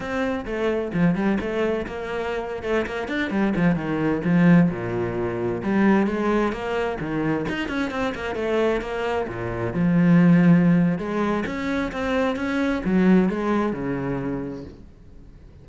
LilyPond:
\new Staff \with { instrumentName = "cello" } { \time 4/4 \tempo 4 = 131 c'4 a4 f8 g8 a4 | ais4.~ ais16 a8 ais8 d'8 g8 f16~ | f16 dis4 f4 ais,4.~ ais,16~ | ais,16 g4 gis4 ais4 dis8.~ |
dis16 dis'8 cis'8 c'8 ais8 a4 ais8.~ | ais16 ais,4 f2~ f8. | gis4 cis'4 c'4 cis'4 | fis4 gis4 cis2 | }